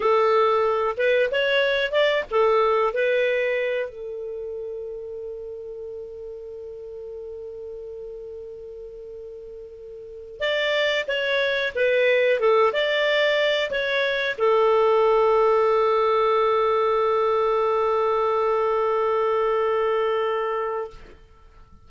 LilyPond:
\new Staff \with { instrumentName = "clarinet" } { \time 4/4 \tempo 4 = 92 a'4. b'8 cis''4 d''8 a'8~ | a'8 b'4. a'2~ | a'1~ | a'1 |
d''4 cis''4 b'4 a'8 d''8~ | d''4 cis''4 a'2~ | a'1~ | a'1 | }